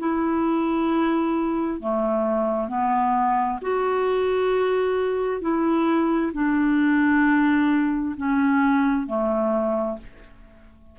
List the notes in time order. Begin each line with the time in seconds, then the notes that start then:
0.00 E4
1.81 A3
2.69 B3
3.62 F#4
5.41 E4
6.34 D4
8.17 C#4
9.07 A3